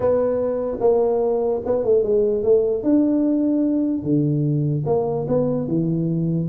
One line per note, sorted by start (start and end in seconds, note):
0.00 0.77 B3
0.80 1.61 A#3
1.65 1.84 B3
1.84 2.03 A3
2.03 2.43 G#3
2.43 2.83 A3
2.83 4.03 D4
4.03 4.84 D3
4.86 5.26 A#3
5.28 5.67 B3
5.67 6.48 E3